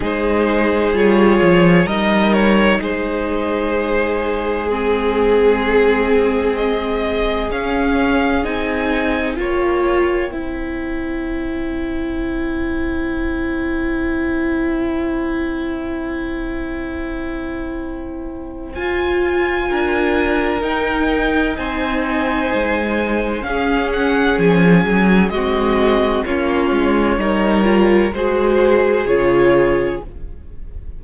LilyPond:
<<
  \new Staff \with { instrumentName = "violin" } { \time 4/4 \tempo 4 = 64 c''4 cis''4 dis''8 cis''8 c''4~ | c''4 gis'2 dis''4 | f''4 gis''4 g''2~ | g''1~ |
g''1 | gis''2 g''4 gis''4~ | gis''4 f''8 fis''8 gis''4 dis''4 | cis''2 c''4 cis''4 | }
  \new Staff \with { instrumentName = "violin" } { \time 4/4 gis'2 ais'4 gis'4~ | gis'1~ | gis'2 cis''4 c''4~ | c''1~ |
c''1~ | c''4 ais'2 c''4~ | c''4 gis'2 fis'4 | f'4 ais'4 gis'2 | }
  \new Staff \with { instrumentName = "viola" } { \time 4/4 dis'4 f'4 dis'2~ | dis'4 c'2. | cis'4 dis'4 f'4 e'4~ | e'1~ |
e'1 | f'2 dis'2~ | dis'4 cis'2 c'4 | cis'4 dis'8 f'8 fis'4 f'4 | }
  \new Staff \with { instrumentName = "cello" } { \time 4/4 gis4 g8 f8 g4 gis4~ | gis1 | cis'4 c'4 ais4 c'4~ | c'1~ |
c'1 | f'4 d'4 dis'4 c'4 | gis4 cis'4 f8 fis8 gis4 | ais8 gis8 g4 gis4 cis4 | }
>>